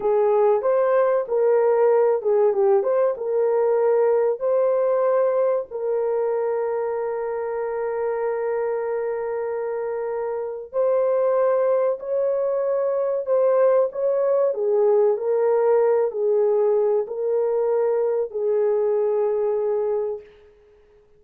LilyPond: \new Staff \with { instrumentName = "horn" } { \time 4/4 \tempo 4 = 95 gis'4 c''4 ais'4. gis'8 | g'8 c''8 ais'2 c''4~ | c''4 ais'2.~ | ais'1~ |
ais'4 c''2 cis''4~ | cis''4 c''4 cis''4 gis'4 | ais'4. gis'4. ais'4~ | ais'4 gis'2. | }